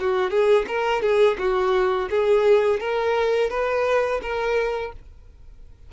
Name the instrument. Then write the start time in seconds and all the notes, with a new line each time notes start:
violin
0.00 F#4
0.30 G#4
0.68 A#4
1.02 G#4
1.39 F#4
2.10 G#4
2.80 A#4
3.50 B4
4.22 A#4